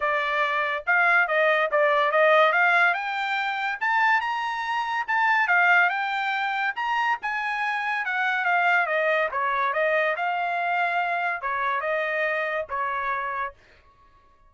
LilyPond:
\new Staff \with { instrumentName = "trumpet" } { \time 4/4 \tempo 4 = 142 d''2 f''4 dis''4 | d''4 dis''4 f''4 g''4~ | g''4 a''4 ais''2 | a''4 f''4 g''2 |
ais''4 gis''2 fis''4 | f''4 dis''4 cis''4 dis''4 | f''2. cis''4 | dis''2 cis''2 | }